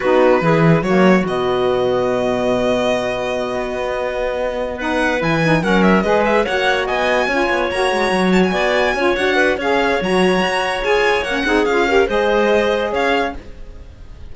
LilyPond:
<<
  \new Staff \with { instrumentName = "violin" } { \time 4/4 \tempo 4 = 144 b'2 cis''4 dis''4~ | dis''1~ | dis''2.~ dis''8 fis''8~ | fis''8 gis''4 fis''8 e''8 dis''8 e''8 fis''8~ |
fis''8 gis''2 ais''4. | a''16 gis''4.~ gis''16 fis''4 f''4 | ais''2 gis''4 fis''4 | f''4 dis''2 f''4 | }
  \new Staff \with { instrumentName = "clarinet" } { \time 4/4 fis'4 gis'4 fis'2~ | fis'1~ | fis'2.~ fis'8 b'8~ | b'4. ais'4 b'4 cis''8~ |
cis''8 dis''4 cis''2~ cis''8~ | cis''8 d''4 cis''4 b'8 cis''4~ | cis''2.~ cis''8 gis'8~ | gis'8 ais'8 c''2 cis''4 | }
  \new Staff \with { instrumentName = "saxophone" } { \time 4/4 dis'4 e'4 ais4 b4~ | b1~ | b2.~ b8 dis'8~ | dis'8 e'8 dis'8 cis'4 gis'4 fis'8~ |
fis'4. f'4 fis'4.~ | fis'4. f'8 fis'4 gis'4 | fis'2 gis'4 cis'8 dis'8 | f'8 g'8 gis'2. | }
  \new Staff \with { instrumentName = "cello" } { \time 4/4 b4 e4 fis4 b,4~ | b,1~ | b,8 b2.~ b8~ | b8 e4 fis4 gis4 ais8~ |
ais8 b4 cis'8 b8 ais8 gis8 fis8~ | fis8 b4 cis'8 d'4 cis'4 | fis4 fis'4 f'4 ais8 c'8 | cis'4 gis2 cis'4 | }
>>